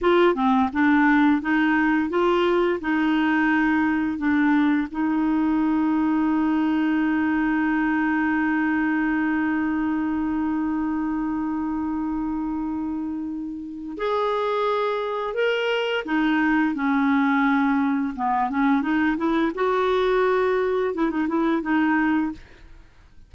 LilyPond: \new Staff \with { instrumentName = "clarinet" } { \time 4/4 \tempo 4 = 86 f'8 c'8 d'4 dis'4 f'4 | dis'2 d'4 dis'4~ | dis'1~ | dis'1~ |
dis'1 | gis'2 ais'4 dis'4 | cis'2 b8 cis'8 dis'8 e'8 | fis'2 e'16 dis'16 e'8 dis'4 | }